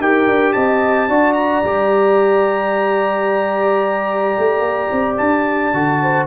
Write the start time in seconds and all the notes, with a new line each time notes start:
0.00 D#4 G4 A#4 G5
0.27 D4
0.53 C4 D#5 A5
1.09 D4 F#4 D5
1.33 A#5
1.64 G3 G4
4.38 A3
4.60 A#3
4.92 C4
5.17 D4 A5
5.73 D3 F#4
6.02 C5